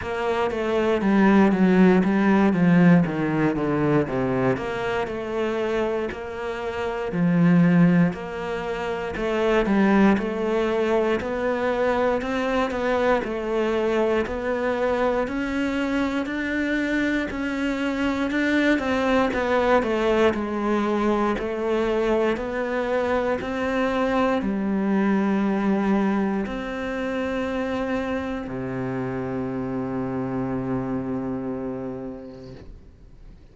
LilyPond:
\new Staff \with { instrumentName = "cello" } { \time 4/4 \tempo 4 = 59 ais8 a8 g8 fis8 g8 f8 dis8 d8 | c8 ais8 a4 ais4 f4 | ais4 a8 g8 a4 b4 | c'8 b8 a4 b4 cis'4 |
d'4 cis'4 d'8 c'8 b8 a8 | gis4 a4 b4 c'4 | g2 c'2 | c1 | }